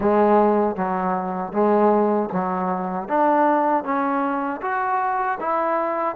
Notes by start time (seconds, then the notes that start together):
0.00 G#3
0.76 F#3
1.52 G#3
2.32 F#3
3.08 D4
3.84 C#4
4.61 F#4
5.40 E4